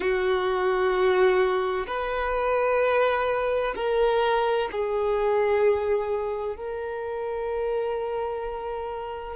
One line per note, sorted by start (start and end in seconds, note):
0.00 1.86 F#4
1.87 3.74 B4
3.75 4.69 A#4
4.71 6.56 G#4
6.56 9.35 A#4